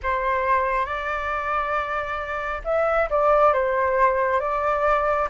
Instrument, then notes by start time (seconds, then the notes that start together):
flute
0.02 C5
0.85 D5
2.64 E5
3.10 D5
3.53 C5
4.40 D5